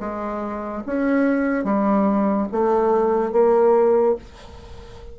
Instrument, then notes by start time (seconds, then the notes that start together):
bassoon
0.00 G#3
0.87 C#4
1.64 G3
2.52 A3
3.33 A#3